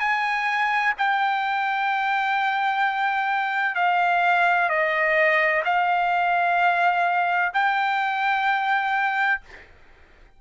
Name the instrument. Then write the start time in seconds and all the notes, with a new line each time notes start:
trumpet
0.00 G#5
0.98 G5
3.76 F5
4.70 D#5
5.65 F5
7.54 G5